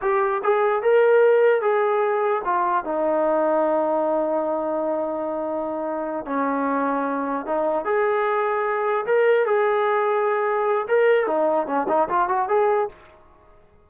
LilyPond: \new Staff \with { instrumentName = "trombone" } { \time 4/4 \tempo 4 = 149 g'4 gis'4 ais'2 | gis'2 f'4 dis'4~ | dis'1~ | dis'2.~ dis'8 cis'8~ |
cis'2~ cis'8 dis'4 gis'8~ | gis'2~ gis'8 ais'4 gis'8~ | gis'2. ais'4 | dis'4 cis'8 dis'8 f'8 fis'8 gis'4 | }